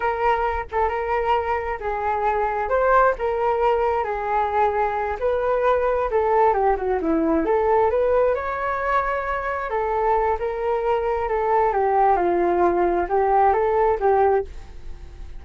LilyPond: \new Staff \with { instrumentName = "flute" } { \time 4/4 \tempo 4 = 133 ais'4. a'8 ais'2 | gis'2 c''4 ais'4~ | ais'4 gis'2~ gis'8 b'8~ | b'4. a'4 g'8 fis'8 e'8~ |
e'8 a'4 b'4 cis''4.~ | cis''4. a'4. ais'4~ | ais'4 a'4 g'4 f'4~ | f'4 g'4 a'4 g'4 | }